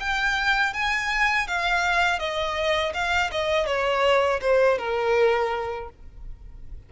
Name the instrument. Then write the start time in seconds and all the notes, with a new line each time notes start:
violin
0.00 G5
0.74 G#5
1.48 F5
2.20 D#5
2.94 F5
3.32 D#5
3.67 C#5
4.42 C5
4.79 A#4